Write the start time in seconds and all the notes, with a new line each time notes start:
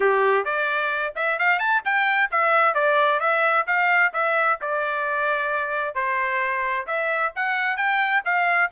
0.00 G4
0.45 D5
1.15 E5
1.39 F5
1.59 A5
1.84 G5
2.31 E5
2.74 D5
3.20 E5
3.66 F5
4.13 E5
4.61 D5
5.94 C5
6.86 E5
7.35 F#5
7.76 G5
8.24 F5